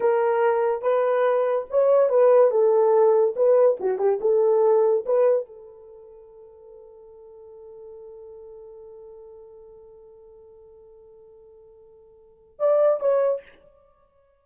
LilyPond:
\new Staff \with { instrumentName = "horn" } { \time 4/4 \tempo 4 = 143 ais'2 b'2 | cis''4 b'4 a'2 | b'4 fis'8 g'8 a'2 | b'4 a'2.~ |
a'1~ | a'1~ | a'1~ | a'2 d''4 cis''4 | }